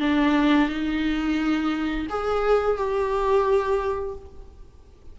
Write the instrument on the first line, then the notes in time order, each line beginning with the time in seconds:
viola
0.00 D4
0.69 D#4
2.10 G#4
2.77 G4